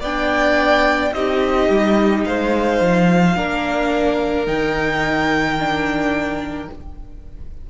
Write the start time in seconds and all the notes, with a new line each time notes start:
0.00 B3 D4 D5 G5
1.13 C4 D#4 G4 D#5
1.69 G3
2.25 G#3 C5 F5
2.80 F3
3.35 A#3 D4 A#4
4.46 D#3 D#4 G5
5.59 D4